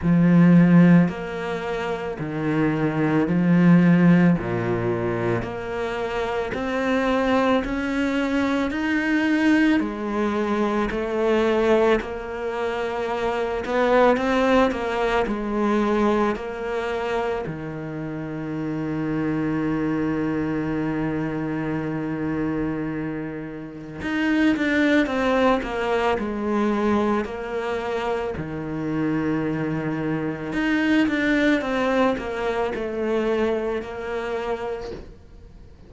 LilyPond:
\new Staff \with { instrumentName = "cello" } { \time 4/4 \tempo 4 = 55 f4 ais4 dis4 f4 | ais,4 ais4 c'4 cis'4 | dis'4 gis4 a4 ais4~ | ais8 b8 c'8 ais8 gis4 ais4 |
dis1~ | dis2 dis'8 d'8 c'8 ais8 | gis4 ais4 dis2 | dis'8 d'8 c'8 ais8 a4 ais4 | }